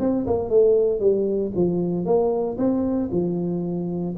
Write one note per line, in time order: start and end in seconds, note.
0.00 0.26 C4
0.27 0.50 A#3
0.50 1.00 A3
1.00 1.52 G3
1.56 2.05 F3
2.05 2.57 A#3
2.58 3.10 C4
3.12 4.15 F3